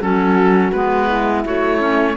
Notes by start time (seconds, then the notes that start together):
0.00 F#3 C#4 F#4 A4
0.72 G#3 B3 B4
1.07 E4
1.46 A3 F#4 C#5
1.79 C#4